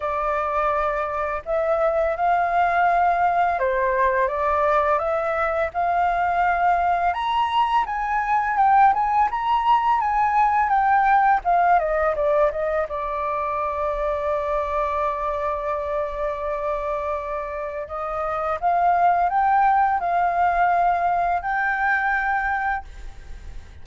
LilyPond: \new Staff \with { instrumentName = "flute" } { \time 4/4 \tempo 4 = 84 d''2 e''4 f''4~ | f''4 c''4 d''4 e''4 | f''2 ais''4 gis''4 | g''8 gis''8 ais''4 gis''4 g''4 |
f''8 dis''8 d''8 dis''8 d''2~ | d''1~ | d''4 dis''4 f''4 g''4 | f''2 g''2 | }